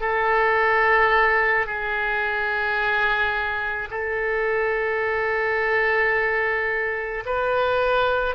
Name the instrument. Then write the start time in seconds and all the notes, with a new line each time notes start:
oboe
0.00 A4
1.66 G#4
3.90 A4
7.25 B4